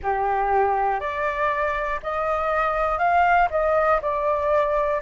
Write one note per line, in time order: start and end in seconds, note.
0.02 1.00 G4
1.00 2.00 D5
2.02 2.98 D#5
2.98 3.48 F5
3.50 4.00 D#5
4.01 5.01 D5